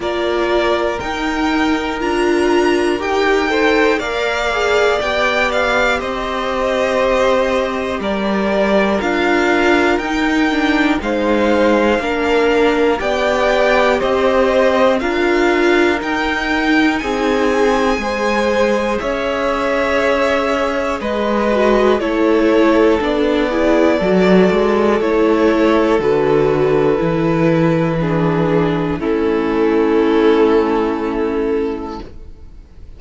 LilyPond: <<
  \new Staff \with { instrumentName = "violin" } { \time 4/4 \tempo 4 = 60 d''4 g''4 ais''4 g''4 | f''4 g''8 f''8 dis''2 | d''4 f''4 g''4 f''4~ | f''4 g''4 dis''4 f''4 |
g''4 gis''2 e''4~ | e''4 dis''4 cis''4 d''4~ | d''4 cis''4 b'2~ | b'4 a'2. | }
  \new Staff \with { instrumentName = "violin" } { \time 4/4 ais'2.~ ais'8 c''8 | d''2 c''2 | ais'2. c''4 | ais'4 d''4 c''4 ais'4~ |
ais'4 gis'4 c''4 cis''4~ | cis''4 b'4 a'4. gis'8 | a'1 | gis'4 e'2. | }
  \new Staff \with { instrumentName = "viola" } { \time 4/4 f'4 dis'4 f'4 g'8 a'8 | ais'8 gis'8 g'2.~ | g'4 f'4 dis'8 d'8 dis'4 | d'4 g'2 f'4 |
dis'2 gis'2~ | gis'4. fis'8 e'4 d'8 e'8 | fis'4 e'4 fis'4 e'4 | d'4 cis'2. | }
  \new Staff \with { instrumentName = "cello" } { \time 4/4 ais4 dis'4 d'4 dis'4 | ais4 b4 c'2 | g4 d'4 dis'4 gis4 | ais4 b4 c'4 d'4 |
dis'4 c'4 gis4 cis'4~ | cis'4 gis4 a4 b4 | fis8 gis8 a4 d4 e4~ | e4 a2. | }
>>